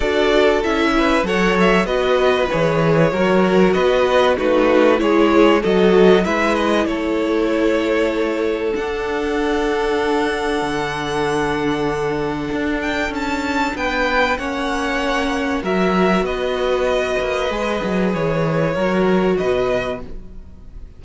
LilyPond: <<
  \new Staff \with { instrumentName = "violin" } { \time 4/4 \tempo 4 = 96 d''4 e''4 fis''8 e''8 dis''4 | cis''2 dis''4 b'4 | cis''4 dis''4 e''8 dis''8 cis''4~ | cis''2 fis''2~ |
fis''1~ | fis''8 g''8 a''4 g''4 fis''4~ | fis''4 e''4 dis''2~ | dis''4 cis''2 dis''4 | }
  \new Staff \with { instrumentName = "violin" } { \time 4/4 a'4. b'8 cis''4 b'4~ | b'4 ais'4 b'4 fis'4 | gis'4 a'4 b'4 a'4~ | a'1~ |
a'1~ | a'2 b'4 cis''4~ | cis''4 ais'4 b'2~ | b'2 ais'4 b'4 | }
  \new Staff \with { instrumentName = "viola" } { \time 4/4 fis'4 e'4 a'4 fis'4 | gis'4 fis'2 dis'4 | e'4 fis'4 e'2~ | e'2 d'2~ |
d'1~ | d'2. cis'4~ | cis'4 fis'2. | gis'2 fis'2 | }
  \new Staff \with { instrumentName = "cello" } { \time 4/4 d'4 cis'4 fis4 b4 | e4 fis4 b4 a4 | gis4 fis4 gis4 a4~ | a2 d'2~ |
d'4 d2. | d'4 cis'4 b4 ais4~ | ais4 fis4 b4. ais8 | gis8 fis8 e4 fis4 b,4 | }
>>